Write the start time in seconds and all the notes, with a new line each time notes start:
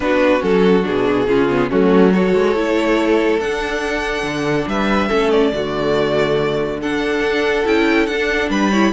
0.00 B3 D4 F#4 B4
0.40 F#3 C#4 A4
0.83 B2 D4 G#4
1.27 C#3 C#4 F4
1.49 B3
1.70 F#3 A3 C#4 F#4
2.13 F#4 A4 C#5
2.34 G#3
2.55 A3 E4
3.40 D4 F#5
4.23 D3
4.67 G3 B4 E5
5.08 A3 C#4 A4
5.30 D5
5.52 D3 A3 F#4
6.80 D4 A4 F#5
7.20 D4
7.66 C#4 E4 G5
8.06 D4 F#5
8.12 D4
8.49 G3 B4 B5
8.70 E4 C#5